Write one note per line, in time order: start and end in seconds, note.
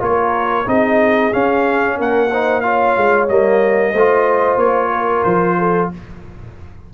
0.00 0.66 A#3
0.00 0.65 F4
0.00 0.67 A#4
0.00 0.68 C#5
0.66 1.32 C4
0.66 1.32 D#4
0.66 1.97 G#4
0.66 1.33 D#5
1.32 2.29 C#4
1.32 1.99 C#4
1.32 1.98 F5
1.97 2.97 A#3
1.97 2.29 A#4
1.97 2.61 F#5
2.31 2.63 D#4
2.31 2.63 C5
2.61 3.28 F4
2.61 3.91 C#5
2.61 3.26 F5
2.97 3.29 G#3
3.28 3.93 G3
3.28 3.93 A#3
3.28 4.58 D#5
3.91 4.56 A3
3.91 4.89 C5
3.98 5.93 F4
4.56 5.22 A#3
4.56 5.23 C#5
4.92 5.58 A#4
5.23 5.90 F3
5.23 5.88 C5
5.58 5.91 A4